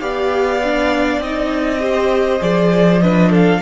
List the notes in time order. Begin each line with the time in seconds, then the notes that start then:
0.00 B3 G4 D5 F5
0.64 D4
1.19 C4 D#4 D#5
1.79 G4 C5
2.40 F3 G#4 D5
3.02 D4 B4 D#5
3.30 A4 F5